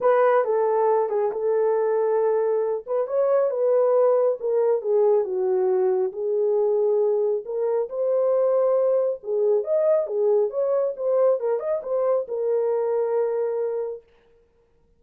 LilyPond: \new Staff \with { instrumentName = "horn" } { \time 4/4 \tempo 4 = 137 b'4 a'4. gis'8 a'4~ | a'2~ a'8 b'8 cis''4 | b'2 ais'4 gis'4 | fis'2 gis'2~ |
gis'4 ais'4 c''2~ | c''4 gis'4 dis''4 gis'4 | cis''4 c''4 ais'8 dis''8 c''4 | ais'1 | }